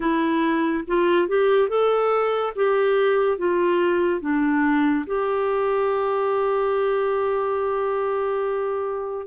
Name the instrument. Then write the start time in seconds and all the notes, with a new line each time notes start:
clarinet
0.00 E4
0.87 F4
1.28 G4
1.68 A4
2.55 G4
3.38 F4
4.20 D4
5.06 G4